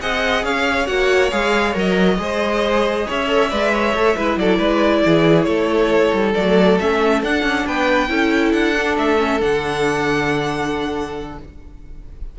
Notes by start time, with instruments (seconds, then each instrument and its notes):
0.00 cello C4, viola G#4, violin D#5 F#5
0.44 cello C#4, violin C#5 F5
0.86 cello A#3, viola F#4, violin F#5
1.30 cello G#3, viola G#4, violin F5
1.73 cello F#3, viola A#4, violin D#5
2.17 cello G#3, viola G#4, violin C5
3.07 cello C#4, violin C#5 E5
3.27 viola A4
3.49 cello G#3, viola B4, violin D5
3.72 violin C#5
3.93 cello A3, viola A4
4.16 cello G#3, viola E4, violin B4
4.36 cello F#3, violin A4 D5
4.58 cello G#3, violin B4
5.05 cello E3, violin G#4
5.43 cello A3, violin A4 C#5
6.12 cello G3
6.34 cello F#3, viola A3, violin D5
6.79 cello A3, viola C#4, violin E5
7.22 cello D4, viola D4, violin F#5
7.42 cello C#4
7.66 cello B3, violin B4 G5
8.08 cello C#4, viola E4, violin A4
8.52 cello D4, violin F#5
8.76 viola D4
8.97 cello A3, violin E5
9.18 viola C#4
9.39 cello D3, viola D4, violin F#5